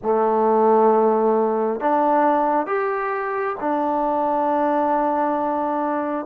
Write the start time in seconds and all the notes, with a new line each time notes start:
0.02 A3
1.80 D4
2.66 G4
3.59 D4